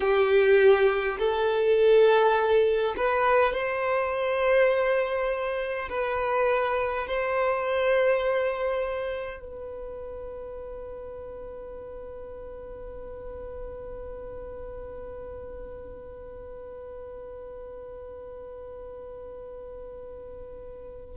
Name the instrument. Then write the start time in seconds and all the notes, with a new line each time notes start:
violin
0.00 G4
1.18 A4
2.97 B4
3.53 C5
5.89 B4
7.07 C5
9.40 B4